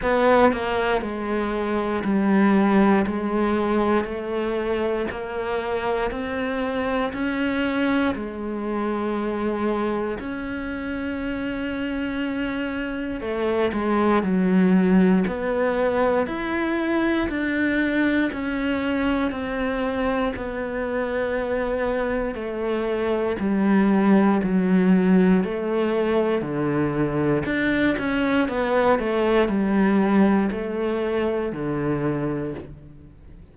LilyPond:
\new Staff \with { instrumentName = "cello" } { \time 4/4 \tempo 4 = 59 b8 ais8 gis4 g4 gis4 | a4 ais4 c'4 cis'4 | gis2 cis'2~ | cis'4 a8 gis8 fis4 b4 |
e'4 d'4 cis'4 c'4 | b2 a4 g4 | fis4 a4 d4 d'8 cis'8 | b8 a8 g4 a4 d4 | }